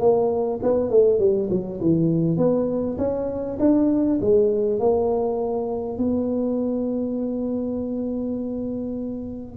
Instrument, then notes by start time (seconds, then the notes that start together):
tuba
0.00 A#3
0.63 B3
0.91 A3
1.19 G3
1.51 F#3
1.81 E3
2.38 B3
2.98 C#4
3.60 D4
4.21 G#3
4.80 A#3
5.98 B3